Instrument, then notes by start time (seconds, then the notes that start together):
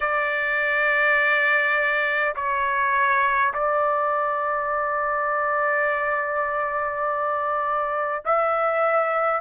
trumpet
0.00 D5
2.35 C#5
3.53 D5
8.25 E5